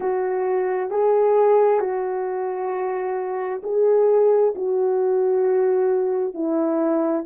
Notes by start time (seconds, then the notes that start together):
0.00 F#4
0.90 G#4
1.79 F#4
3.63 G#4
4.55 F#4
6.33 E4